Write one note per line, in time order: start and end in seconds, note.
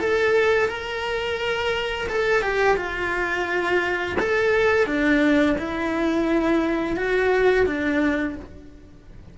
0.00 0.68 A4
0.68 2.08 A#4
2.09 2.42 A4
2.42 2.77 G4
2.77 4.16 F4
4.19 4.86 A4
4.86 5.56 D4
5.58 6.97 E4
6.97 7.66 F#4
7.66 8.36 D4